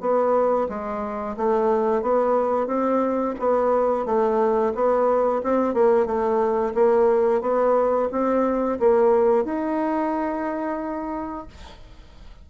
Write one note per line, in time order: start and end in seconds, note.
0.00 0.67 B3
0.68 1.36 G#3
1.36 2.02 A3
2.02 2.67 B3
2.67 3.34 C4
3.39 4.05 B3
4.05 4.73 A3
4.74 5.42 B3
5.43 5.74 C4
5.74 6.06 A#3
6.06 6.73 A3
6.74 7.41 A#3
7.41 8.08 B3
8.11 8.79 C4
8.79 9.44 A#3
9.44 11.47 D#4